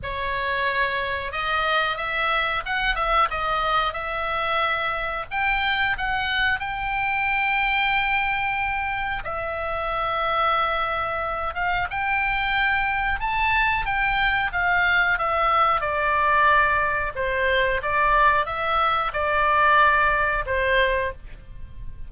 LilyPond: \new Staff \with { instrumentName = "oboe" } { \time 4/4 \tempo 4 = 91 cis''2 dis''4 e''4 | fis''8 e''8 dis''4 e''2 | g''4 fis''4 g''2~ | g''2 e''2~ |
e''4. f''8 g''2 | a''4 g''4 f''4 e''4 | d''2 c''4 d''4 | e''4 d''2 c''4 | }